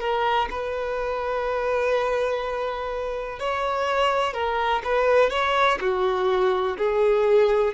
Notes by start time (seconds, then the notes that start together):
0.00 A#4
0.50 B4
3.39 C#5
4.33 A#4
4.84 B4
5.30 C#5
5.80 F#4
6.77 G#4